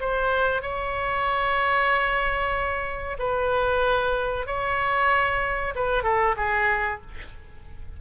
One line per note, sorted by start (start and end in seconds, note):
0.00 0.62 C5
0.62 3.17 C#5
3.19 4.46 B4
4.46 5.74 C#5
5.75 6.03 B4
6.03 6.35 A4
6.37 7.01 G#4